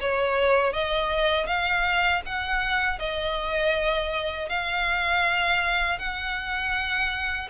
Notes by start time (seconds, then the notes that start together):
0.00 C#5
0.73 D#5
1.47 F5
2.26 F#5
2.99 D#5
4.49 F5
5.99 F#5